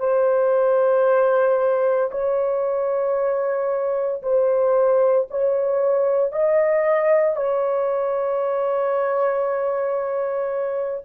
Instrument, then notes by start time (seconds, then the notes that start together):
horn
0.00 C5
2.11 C#5
4.22 C5
5.30 C#5
6.32 D#5
7.36 C#5